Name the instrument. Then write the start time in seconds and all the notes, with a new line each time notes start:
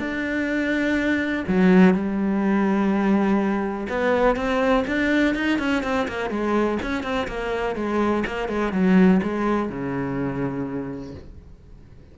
cello
0.00 D4
1.48 F#3
1.94 G3
3.89 B3
4.37 C4
4.88 D4
5.35 D#4
5.59 C#4
5.84 C4
6.09 A#3
6.31 G#3
6.83 C#4
7.04 C4
7.28 A#3
7.76 G#3
8.27 A#3
8.49 G#3
8.73 F#3
9.23 G#3
9.70 C#3